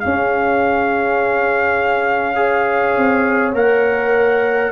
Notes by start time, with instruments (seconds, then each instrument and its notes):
0.00 trombone C#4, tuba C#4, horn G#4, trumpet F5
2.36 trombone G#4, horn C#5
2.97 tuba C4
3.53 tuba A#3, trombone A#4, trumpet F#5